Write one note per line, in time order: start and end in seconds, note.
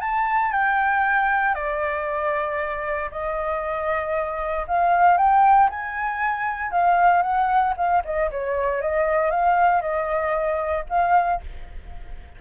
0.00 0.51 A5
0.51 1.54 G5
1.54 3.09 D5
3.11 4.66 D#5
4.67 5.17 F5
5.17 5.69 G5
5.69 6.71 G#5
6.71 7.22 F5
7.22 7.74 F#5
7.76 8.02 F5
8.04 8.30 D#5
8.30 8.81 C#5
8.81 9.30 D#5
9.30 9.81 F5
9.81 10.84 D#5
10.89 11.41 F5